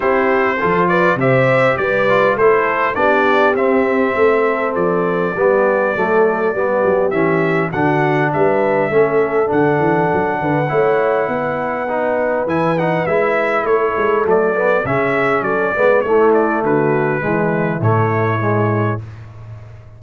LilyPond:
<<
  \new Staff \with { instrumentName = "trumpet" } { \time 4/4 \tempo 4 = 101 c''4. d''8 e''4 d''4 | c''4 d''4 e''2 | d''1 | e''4 fis''4 e''2 |
fis''1~ | fis''4 gis''8 fis''8 e''4 cis''4 | d''4 e''4 d''4 cis''8 d''8 | b'2 cis''2 | }
  \new Staff \with { instrumentName = "horn" } { \time 4/4 g'4 a'8 b'8 c''4 b'4 | a'4 g'2 a'4~ | a'4 g'4 a'4 g'4~ | g'4 fis'4 b'4 a'4~ |
a'4. b'8 cis''4 b'4~ | b'2. a'4~ | a'4 gis'4 a'8 b'8 e'4 | fis'4 e'2. | }
  \new Staff \with { instrumentName = "trombone" } { \time 4/4 e'4 f'4 g'4. f'8 | e'4 d'4 c'2~ | c'4 b4 a4 b4 | cis'4 d'2 cis'4 |
d'2 e'2 | dis'4 e'8 dis'8 e'2 | a8 b8 cis'4. b8 a4~ | a4 gis4 a4 gis4 | }
  \new Staff \with { instrumentName = "tuba" } { \time 4/4 c'4 f4 c4 g4 | a4 b4 c'4 a4 | f4 g4 fis4 g8 fis8 | e4 d4 g4 a4 |
d8 e8 fis8 d8 a4 b4~ | b4 e4 gis4 a8 gis8 | fis4 cis4 fis8 gis8 a4 | d4 e4 a,2 | }
>>